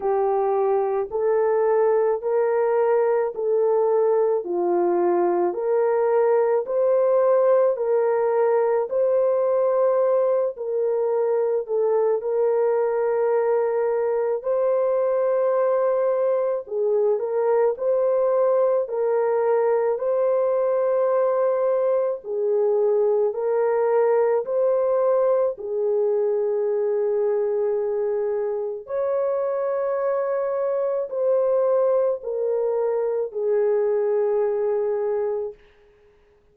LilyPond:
\new Staff \with { instrumentName = "horn" } { \time 4/4 \tempo 4 = 54 g'4 a'4 ais'4 a'4 | f'4 ais'4 c''4 ais'4 | c''4. ais'4 a'8 ais'4~ | ais'4 c''2 gis'8 ais'8 |
c''4 ais'4 c''2 | gis'4 ais'4 c''4 gis'4~ | gis'2 cis''2 | c''4 ais'4 gis'2 | }